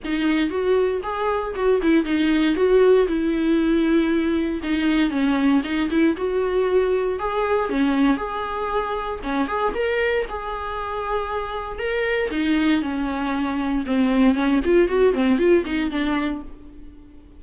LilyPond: \new Staff \with { instrumentName = "viola" } { \time 4/4 \tempo 4 = 117 dis'4 fis'4 gis'4 fis'8 e'8 | dis'4 fis'4 e'2~ | e'4 dis'4 cis'4 dis'8 e'8 | fis'2 gis'4 cis'4 |
gis'2 cis'8 gis'8 ais'4 | gis'2. ais'4 | dis'4 cis'2 c'4 | cis'8 f'8 fis'8 c'8 f'8 dis'8 d'4 | }